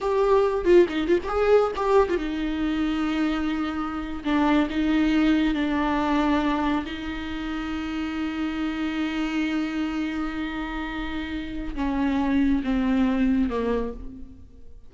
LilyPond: \new Staff \with { instrumentName = "viola" } { \time 4/4 \tempo 4 = 138 g'4. f'8 dis'8 f'16 g'16 gis'4 | g'8. f'16 dis'2.~ | dis'4.~ dis'16 d'4 dis'4~ dis'16~ | dis'8. d'2. dis'16~ |
dis'1~ | dis'1~ | dis'2. cis'4~ | cis'4 c'2 ais4 | }